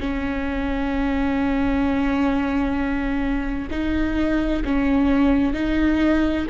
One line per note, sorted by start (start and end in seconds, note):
0.00 3.69 C#4
3.70 4.63 D#4
4.64 5.53 C#4
5.53 6.46 D#4